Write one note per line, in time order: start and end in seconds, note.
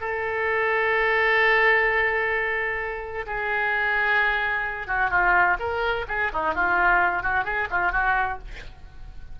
0.00 3.26 A4
3.26 4.87 G#4
4.87 5.10 F#4
5.10 5.57 F4
5.59 6.05 A#4
6.08 6.31 G#4
6.33 6.54 D#4
6.54 7.23 F4
7.23 7.44 F#4
7.44 7.67 G#4
7.70 7.92 F4
7.92 8.38 F#4